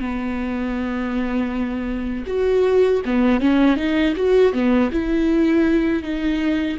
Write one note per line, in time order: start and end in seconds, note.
0.00 2.25 B3
2.27 3.02 F#4
3.05 3.41 B3
3.41 3.77 C#4
3.77 4.14 D#4
4.16 4.53 F#4
4.53 4.91 B3
4.92 6.03 E4
6.03 6.78 D#4